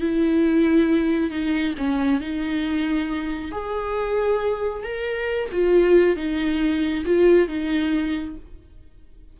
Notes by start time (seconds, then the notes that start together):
0.00 E4
1.30 D#4
1.77 C#4
2.20 D#4
3.51 G#4
4.83 A#4
5.52 F4
6.16 D#4
7.05 F4
7.48 D#4